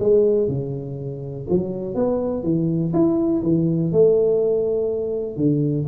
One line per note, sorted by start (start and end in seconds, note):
0.00 0.48 G#3
0.48 1.47 C#3
1.50 1.95 F#3
1.95 2.43 B3
2.43 2.93 E3
2.94 3.43 E4
3.43 3.92 E3
3.92 5.37 A3
5.37 5.86 D3